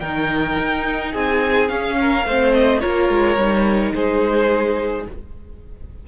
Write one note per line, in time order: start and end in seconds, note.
0.00 0.58 D#3
0.00 1.69 D#4
0.00 1.11 A#4
0.00 1.12 G5
0.59 1.15 D#4
1.11 1.70 C4
1.11 1.95 G#4
1.11 1.68 G#5
1.68 2.25 C#4
1.68 2.53 F5
2.01 2.27 A#4
2.25 2.82 A3
2.25 2.81 C4
2.25 2.81 C5
2.54 2.80 D#5
2.80 3.09 A#3
2.80 3.37 F4
2.80 3.94 A#4
2.80 3.92 C#5
3.09 3.37 G#3
3.37 3.93 G3
3.37 5.08 D#4
3.94 5.07 G#3
3.94 5.08 G#4
3.94 5.06 C5